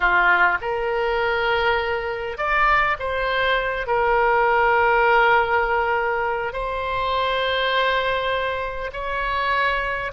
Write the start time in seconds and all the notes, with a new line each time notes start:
0.00 F4
0.61 A#4
2.37 D5
2.99 C5
3.86 A#4
6.53 C5
8.92 C#5